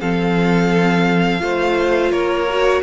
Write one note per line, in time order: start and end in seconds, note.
0.00 1.42 F3
0.00 1.40 C4
0.00 1.41 A4
0.00 2.12 F5
1.40 2.12 A3
1.40 2.46 F4
1.40 2.12 C5
2.12 2.83 A#3
2.12 2.82 A#4
2.12 2.83 C#5
2.50 2.83 F#4